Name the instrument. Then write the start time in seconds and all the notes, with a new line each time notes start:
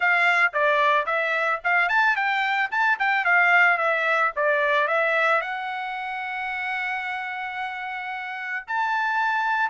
trumpet
0.00 F5
0.53 D5
1.06 E5
1.63 F5
1.88 A5
2.15 G5
2.71 A5
2.99 G5
3.24 F5
3.77 E5
4.35 D5
4.87 E5
5.41 F#5
8.67 A5